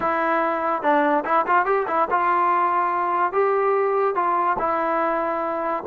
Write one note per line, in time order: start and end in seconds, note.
0.00 0.82 E4
0.82 1.23 D4
1.24 1.45 E4
1.46 1.65 F4
1.65 1.86 G4
1.87 2.08 E4
2.10 3.32 F4
3.32 4.15 G4
4.15 4.57 F4
4.58 5.83 E4